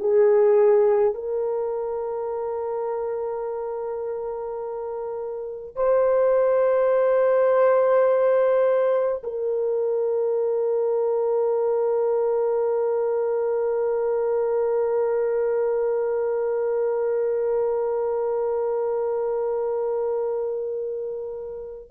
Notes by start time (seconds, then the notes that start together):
0.00 G#4
1.14 A#4
5.76 C5
9.24 A#4